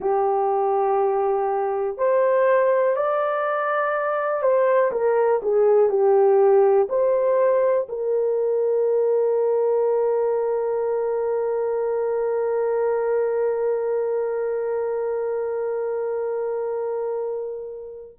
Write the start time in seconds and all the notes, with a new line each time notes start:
0.00 G4
1.97 C5
2.96 D5
4.42 C5
4.91 A#4
5.42 G#4
5.89 G4
6.89 C5
7.89 A#4